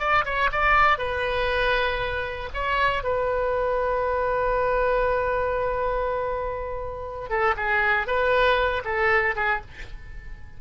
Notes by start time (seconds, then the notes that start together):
0.00 D5
0.25 C#5
0.52 D5
0.99 B4
2.54 C#5
3.04 B4
7.30 A4
7.57 G#4
8.08 B4
8.85 A4
9.36 G#4